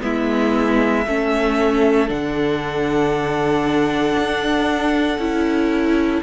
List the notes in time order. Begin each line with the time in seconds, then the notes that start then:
0.00 G#3 B3 E4 E5
1.06 A3 C#4 A4
2.07 D3 D4 F#5
4.18 D4
5.18 C#4 E4